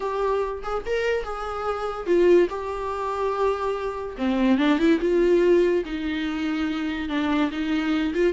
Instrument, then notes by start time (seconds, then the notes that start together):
viola
0.00 G4
0.62 G#4
0.85 A#4
1.23 G#4
2.06 F4
2.49 G4
4.17 C4
4.58 D4
4.78 E4
5.00 F4
5.85 D#4
7.08 D4
7.51 D#4
8.14 F4